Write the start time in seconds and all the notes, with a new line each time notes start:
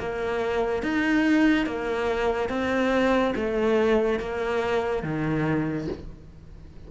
0.00 A#3
0.83 D#4
1.67 A#3
2.50 C4
3.36 A3
4.19 A#3
5.04 D#3